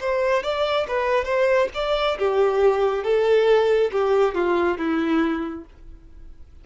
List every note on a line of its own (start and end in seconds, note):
0.00 0.43 C5
0.43 0.86 D5
0.87 1.25 B4
1.25 1.68 C5
1.74 2.17 D5
2.18 3.04 G4
3.04 3.91 A4
3.92 4.34 G4
4.34 4.77 F4
4.77 5.64 E4